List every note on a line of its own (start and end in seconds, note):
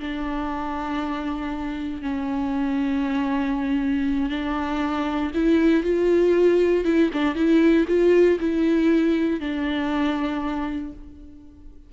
0.00 2.02 D4
2.02 4.30 C#4
4.30 5.32 D4
5.34 5.83 E4
5.83 6.85 F4
6.85 7.10 E4
7.13 7.35 D4
7.35 7.86 E4
7.88 8.39 F4
8.40 9.40 E4
9.40 10.93 D4